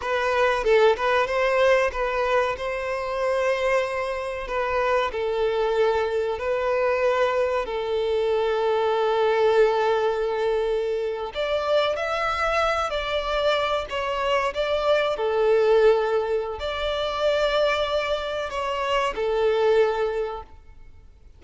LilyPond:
\new Staff \with { instrumentName = "violin" } { \time 4/4 \tempo 4 = 94 b'4 a'8 b'8 c''4 b'4 | c''2. b'4 | a'2 b'2 | a'1~ |
a'4.~ a'16 d''4 e''4~ e''16~ | e''16 d''4. cis''4 d''4 a'16~ | a'2 d''2~ | d''4 cis''4 a'2 | }